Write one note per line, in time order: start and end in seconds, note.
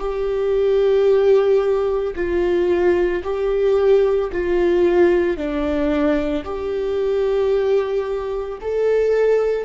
0.00 2.14 G4
2.16 3.23 F4
3.24 4.31 G4
4.32 5.37 F4
5.37 6.44 D4
6.44 8.59 G4
8.62 9.65 A4